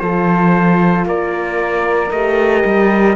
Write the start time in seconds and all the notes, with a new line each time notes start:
0.00 F3 F4 A4 C5
1.06 A#3 A#4 D5
2.11 A3 G4 D#5
2.65 G3